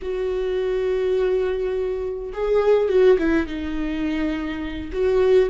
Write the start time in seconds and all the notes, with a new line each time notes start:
0.02 F#4
2.33 G#4
2.88 F#4
3.18 E4
3.46 D#4
4.92 F#4